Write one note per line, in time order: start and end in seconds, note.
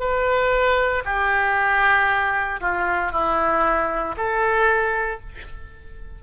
0.00 1.03 B4
1.05 2.61 G4
2.61 3.12 F4
3.12 4.16 E4
4.17 5.21 A4